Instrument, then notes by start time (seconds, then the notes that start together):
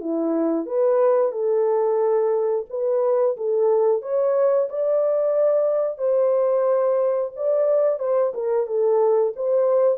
horn
0.00 E4
0.66 B4
1.32 A4
2.70 B4
3.37 A4
4.02 C#5
4.69 D5
5.98 C5
7.36 D5
7.99 C5
8.34 A#4
8.67 A4
9.36 C5